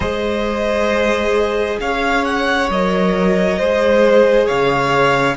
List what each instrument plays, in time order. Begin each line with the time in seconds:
0.00 cello G#3, viola G#4, violin C5 D#5
1.80 cello C#4, violin C#5 F5
2.24 violin F#5
2.69 cello F#3, viola A#4, violin D#5
3.58 cello G#3, viola G#4, violin C5
4.46 cello C#3, violin C#5 F5